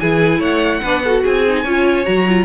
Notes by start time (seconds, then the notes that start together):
0.00 E3 E4 G#4 G#5
0.39 A3 C#5 F#5
0.82 B3 D4 B4
1.04 F#4 A4
1.23 C4 G#4 G#5
1.48 D#4
1.63 C#4 F4 C#5
2.05 F#3 F#4 A#5
2.28 F4